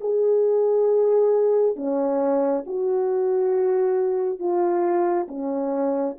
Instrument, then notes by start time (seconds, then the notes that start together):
horn
0.00 G#4
1.76 C#4
2.66 F#4
4.39 F4
5.27 C#4